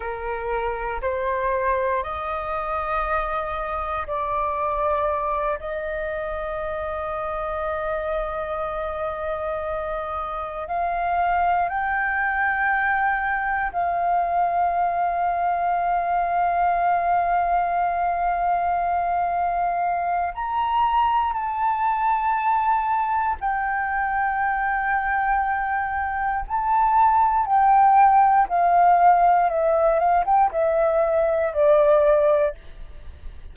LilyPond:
\new Staff \with { instrumentName = "flute" } { \time 4/4 \tempo 4 = 59 ais'4 c''4 dis''2 | d''4. dis''2~ dis''8~ | dis''2~ dis''8 f''4 g''8~ | g''4. f''2~ f''8~ |
f''1 | ais''4 a''2 g''4~ | g''2 a''4 g''4 | f''4 e''8 f''16 g''16 e''4 d''4 | }